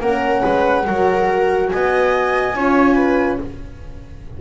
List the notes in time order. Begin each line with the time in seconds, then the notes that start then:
0.00 A#3 C#4 A#4 F#5
0.43 G#3 B4
0.86 F#3 F#4 A#4
1.69 B3 D#5 G#5
2.54 C#4 F4 C#5
2.94 B4